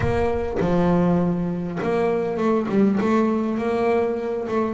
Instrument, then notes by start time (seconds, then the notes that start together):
double bass
0.00 A#3
0.59 F3
1.82 A#3
2.37 A3
2.69 G3
3.00 A3
3.58 A#3
4.48 A3